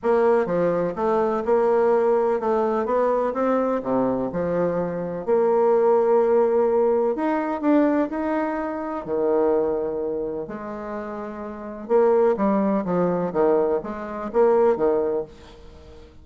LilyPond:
\new Staff \with { instrumentName = "bassoon" } { \time 4/4 \tempo 4 = 126 ais4 f4 a4 ais4~ | ais4 a4 b4 c'4 | c4 f2 ais4~ | ais2. dis'4 |
d'4 dis'2 dis4~ | dis2 gis2~ | gis4 ais4 g4 f4 | dis4 gis4 ais4 dis4 | }